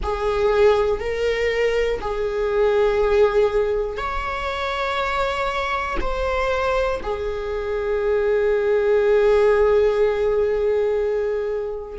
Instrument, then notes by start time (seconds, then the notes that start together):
viola
0.03 G#4
1.00 A#4
2.00 G#4
3.97 C#5
6.00 C5
7.02 G#4